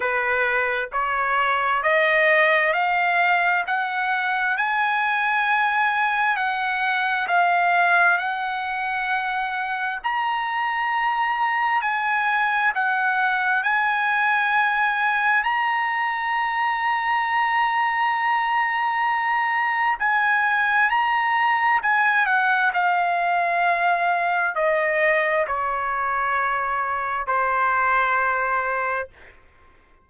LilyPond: \new Staff \with { instrumentName = "trumpet" } { \time 4/4 \tempo 4 = 66 b'4 cis''4 dis''4 f''4 | fis''4 gis''2 fis''4 | f''4 fis''2 ais''4~ | ais''4 gis''4 fis''4 gis''4~ |
gis''4 ais''2.~ | ais''2 gis''4 ais''4 | gis''8 fis''8 f''2 dis''4 | cis''2 c''2 | }